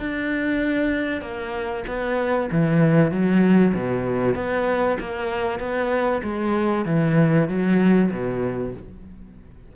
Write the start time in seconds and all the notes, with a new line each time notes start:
0.00 D4
1.22 A#3
1.88 B3
2.52 E3
3.12 F#3
3.75 B2
4.36 B3
5.00 A#3
5.60 B3
6.24 G#3
6.86 E3
7.49 F#3
8.11 B2